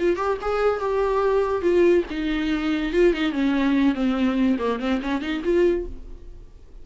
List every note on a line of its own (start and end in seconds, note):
0.00 0.17 F4
0.17 0.38 G4
0.42 0.80 G#4
0.80 1.62 G4
1.62 2.04 F4
2.11 2.93 D#4
2.93 3.14 F4
3.14 3.33 D#4
3.33 3.95 C#4
3.95 4.58 C4
4.59 4.80 A#3
4.80 5.01 C4
5.02 5.22 C#4
5.22 5.43 D#4
5.45 5.86 F4